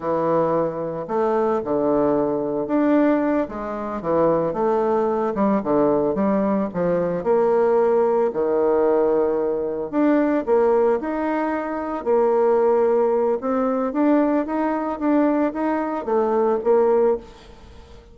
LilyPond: \new Staff \with { instrumentName = "bassoon" } { \time 4/4 \tempo 4 = 112 e2 a4 d4~ | d4 d'4. gis4 e8~ | e8 a4. g8 d4 g8~ | g8 f4 ais2 dis8~ |
dis2~ dis8 d'4 ais8~ | ais8 dis'2 ais4.~ | ais4 c'4 d'4 dis'4 | d'4 dis'4 a4 ais4 | }